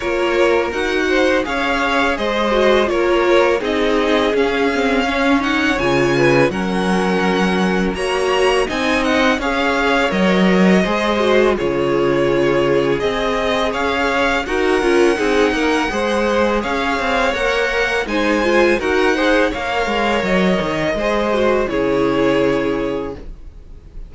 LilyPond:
<<
  \new Staff \with { instrumentName = "violin" } { \time 4/4 \tempo 4 = 83 cis''4 fis''4 f''4 dis''4 | cis''4 dis''4 f''4. fis''8 | gis''4 fis''2 ais''4 | gis''8 fis''8 f''4 dis''2 |
cis''2 dis''4 f''4 | fis''2. f''4 | fis''4 gis''4 fis''4 f''4 | dis''2 cis''2 | }
  \new Staff \with { instrumentName = "violin" } { \time 4/4 ais'4. c''8 cis''4 c''4 | ais'4 gis'2 cis''4~ | cis''8 b'8 ais'2 cis''4 | dis''4 cis''2 c''4 |
gis'2. cis''4 | ais'4 gis'8 ais'8 c''4 cis''4~ | cis''4 c''4 ais'8 c''8 cis''4~ | cis''4 c''4 gis'2 | }
  \new Staff \with { instrumentName = "viola" } { \time 4/4 f'4 fis'4 gis'4. fis'8 | f'4 dis'4 cis'8 c'8 cis'8 dis'8 | f'4 cis'2 fis'4 | dis'4 gis'4 ais'4 gis'8 fis'8 |
f'2 gis'2 | fis'8 f'8 dis'4 gis'2 | ais'4 dis'8 f'8 fis'8 gis'8 ais'4~ | ais'4 gis'8 fis'8 e'2 | }
  \new Staff \with { instrumentName = "cello" } { \time 4/4 ais4 dis'4 cis'4 gis4 | ais4 c'4 cis'2 | cis4 fis2 ais4 | c'4 cis'4 fis4 gis4 |
cis2 c'4 cis'4 | dis'8 cis'8 c'8 ais8 gis4 cis'8 c'8 | ais4 gis4 dis'4 ais8 gis8 | fis8 dis8 gis4 cis2 | }
>>